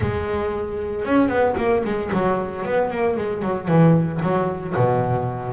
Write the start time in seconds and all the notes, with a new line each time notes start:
0.00 G#3
1.05 C#4
1.28 B3
1.57 A#3
1.84 G#3
2.12 F#3
2.65 B3
2.90 A#3
3.16 G#3
3.42 F#3
3.67 E3
4.22 F#3
4.75 B2